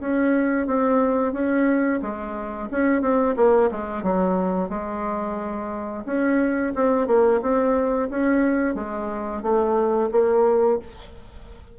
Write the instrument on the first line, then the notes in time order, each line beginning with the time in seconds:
bassoon
0.00 C#4
0.67 C4
1.33 C#4
2.02 G#3
2.71 C#4
3.02 C4
3.36 A#3
3.71 G#3
4.03 F#3
4.69 G#3
6.06 C#4
6.75 C4
7.07 A#3
7.42 C4
8.10 C#4
8.75 G#3
9.42 A3
10.12 A#3